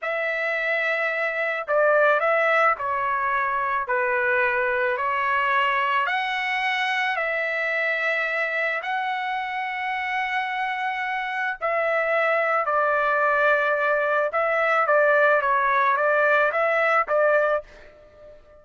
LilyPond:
\new Staff \with { instrumentName = "trumpet" } { \time 4/4 \tempo 4 = 109 e''2. d''4 | e''4 cis''2 b'4~ | b'4 cis''2 fis''4~ | fis''4 e''2. |
fis''1~ | fis''4 e''2 d''4~ | d''2 e''4 d''4 | cis''4 d''4 e''4 d''4 | }